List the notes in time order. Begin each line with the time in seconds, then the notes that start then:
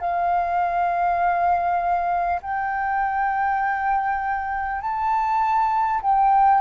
0.00 F5
2.42 G5
4.81 A5
6.02 G5